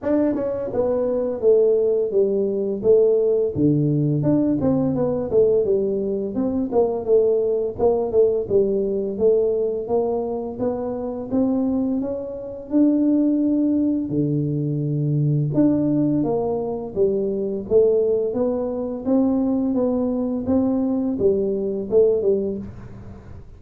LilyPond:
\new Staff \with { instrumentName = "tuba" } { \time 4/4 \tempo 4 = 85 d'8 cis'8 b4 a4 g4 | a4 d4 d'8 c'8 b8 a8 | g4 c'8 ais8 a4 ais8 a8 | g4 a4 ais4 b4 |
c'4 cis'4 d'2 | d2 d'4 ais4 | g4 a4 b4 c'4 | b4 c'4 g4 a8 g8 | }